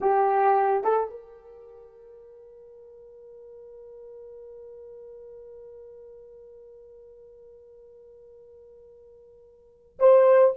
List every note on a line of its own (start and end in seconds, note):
0.01 0.84 G4
0.84 1.10 A4
1.10 9.98 A#4
9.99 10.54 C5